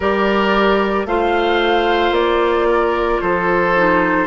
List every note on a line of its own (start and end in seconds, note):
0.00 1.05 G3
0.00 1.07 G4
0.00 1.06 A#4
0.00 1.07 D5
1.05 2.11 A3
1.05 3.75 F4
1.05 2.68 C5
1.05 2.14 F5
2.11 3.18 A#3
2.11 3.21 D5
2.68 3.21 A#4
3.21 4.27 F3
3.21 4.27 A4
3.21 4.27 C5
3.76 4.27 D#4